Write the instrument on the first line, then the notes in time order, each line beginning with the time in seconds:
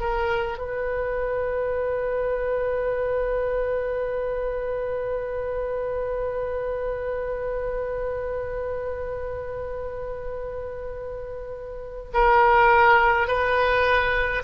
oboe
0.00 A#4
0.58 B4
12.13 A#4
13.27 B4